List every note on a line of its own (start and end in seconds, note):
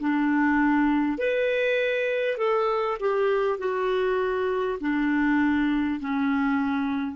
0.00 1.18 D4
1.18 2.38 B4
2.38 2.98 A4
3.00 3.58 G4
3.58 4.78 F#4
4.81 6.00 D4
6.00 7.16 C#4